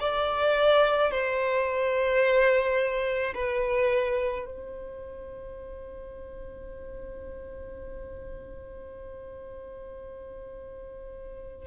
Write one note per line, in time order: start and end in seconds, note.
0.00 1.11 D5
1.11 3.33 C5
3.34 4.45 B4
4.45 11.67 C5